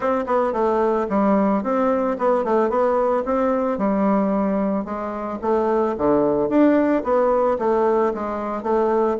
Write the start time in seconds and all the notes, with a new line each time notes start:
0.00 C4
0.26 B3
0.53 A3
1.09 G3
1.63 C4
2.18 B3
2.44 A3
2.69 B3
3.25 C4
3.78 G3
4.84 G#3
5.41 A3
5.97 D3
6.49 D4
7.03 B3
7.58 A3
8.14 G#3
8.62 A3